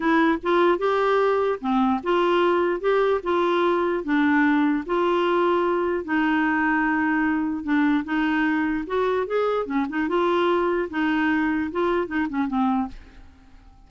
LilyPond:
\new Staff \with { instrumentName = "clarinet" } { \time 4/4 \tempo 4 = 149 e'4 f'4 g'2 | c'4 f'2 g'4 | f'2 d'2 | f'2. dis'4~ |
dis'2. d'4 | dis'2 fis'4 gis'4 | cis'8 dis'8 f'2 dis'4~ | dis'4 f'4 dis'8 cis'8 c'4 | }